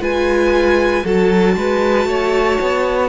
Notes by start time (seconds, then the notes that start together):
0.00 G#3 F4 B4 G#5
1.04 F#3 F#4 A4 A5
1.56 G#3 B4
2.05 A3 C#5
2.61 B3